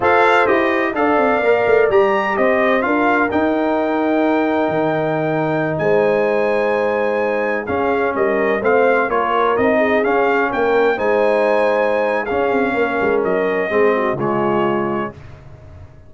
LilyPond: <<
  \new Staff \with { instrumentName = "trumpet" } { \time 4/4 \tempo 4 = 127 f''4 dis''4 f''2 | ais''4 dis''4 f''4 g''4~ | g''1~ | g''16 gis''2.~ gis''8.~ |
gis''16 f''4 dis''4 f''4 cis''8.~ | cis''16 dis''4 f''4 g''4 gis''8.~ | gis''2 f''2 | dis''2 cis''2 | }
  \new Staff \with { instrumentName = "horn" } { \time 4/4 c''2 d''2~ | d''4 c''4 ais'2~ | ais'1~ | ais'16 c''2.~ c''8.~ |
c''16 gis'4 ais'4 c''4 ais'8.~ | ais'8. gis'4. ais'4 c''8.~ | c''2 gis'4 ais'4~ | ais'4 gis'8 fis'8 f'2 | }
  \new Staff \with { instrumentName = "trombone" } { \time 4/4 a'4 g'4 a'4 ais'4 | g'2 f'4 dis'4~ | dis'1~ | dis'1~ |
dis'16 cis'2 c'4 f'8.~ | f'16 dis'4 cis'2 dis'8.~ | dis'2 cis'2~ | cis'4 c'4 gis2 | }
  \new Staff \with { instrumentName = "tuba" } { \time 4/4 f'4 e'4 d'8 c'8 ais8 a8 | g4 c'4 d'4 dis'4~ | dis'2 dis2~ | dis16 gis2.~ gis8.~ |
gis16 cis'4 g4 a4 ais8.~ | ais16 c'4 cis'4 ais4 gis8.~ | gis2 cis'8 c'8 ais8 gis8 | fis4 gis4 cis2 | }
>>